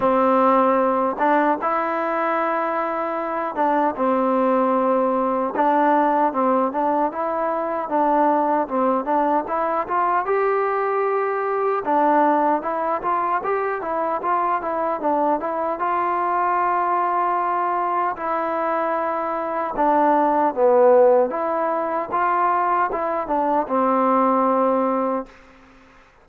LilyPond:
\new Staff \with { instrumentName = "trombone" } { \time 4/4 \tempo 4 = 76 c'4. d'8 e'2~ | e'8 d'8 c'2 d'4 | c'8 d'8 e'4 d'4 c'8 d'8 | e'8 f'8 g'2 d'4 |
e'8 f'8 g'8 e'8 f'8 e'8 d'8 e'8 | f'2. e'4~ | e'4 d'4 b4 e'4 | f'4 e'8 d'8 c'2 | }